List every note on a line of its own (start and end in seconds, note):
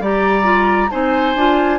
0.00 0.90 G3
0.00 0.43 G4
0.00 0.91 D5
0.00 0.91 A#5
0.43 0.88 F4
0.91 1.35 C4
0.91 1.36 D#4
0.91 1.79 C5
0.91 1.79 G#5
1.35 1.79 D4
1.35 1.79 F4